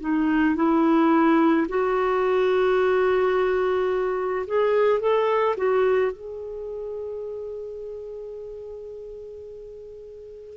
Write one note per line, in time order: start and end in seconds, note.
0.00 0.56 D#4
0.56 1.67 E4
1.68 4.46 F#4
4.47 5.00 G#4
5.00 5.56 A4
5.57 6.12 F#4
6.12 10.57 G#4